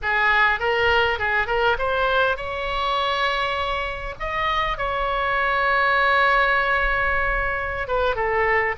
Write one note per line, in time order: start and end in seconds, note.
0.02 0.59 G#4
0.59 1.19 A#4
1.19 1.47 G#4
1.47 1.76 A#4
1.78 2.36 C5
2.36 4.14 C#5
4.19 4.77 D#5
4.77 7.87 C#5
7.87 8.15 B4
8.15 8.75 A4